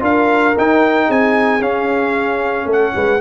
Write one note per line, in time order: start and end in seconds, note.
0.00 0.55 D4
0.00 0.53 F4
0.00 1.07 A#4
0.00 0.57 F5
0.58 1.09 D#4
0.58 1.61 D#4
0.58 1.11 G5
1.07 1.61 C4
1.07 2.66 G#4
1.07 1.62 G#5
1.61 3.20 C#4
1.61 2.66 C#4
1.61 2.69 F5
2.66 2.92 A3
2.66 2.95 A4
2.72 3.21 F#5
2.95 3.21 G#3
2.95 3.21 B4